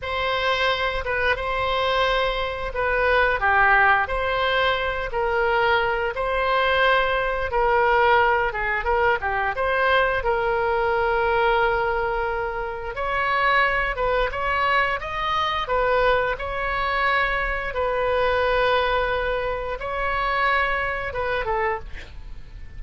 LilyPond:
\new Staff \with { instrumentName = "oboe" } { \time 4/4 \tempo 4 = 88 c''4. b'8 c''2 | b'4 g'4 c''4. ais'8~ | ais'4 c''2 ais'4~ | ais'8 gis'8 ais'8 g'8 c''4 ais'4~ |
ais'2. cis''4~ | cis''8 b'8 cis''4 dis''4 b'4 | cis''2 b'2~ | b'4 cis''2 b'8 a'8 | }